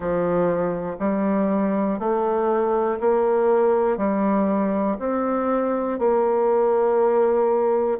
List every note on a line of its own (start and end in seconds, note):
0.00 0.96 F3
0.99 1.99 G3
1.99 2.99 A3
3.00 3.97 A#3
3.97 4.97 G3
4.99 5.98 C4
5.98 7.98 A#3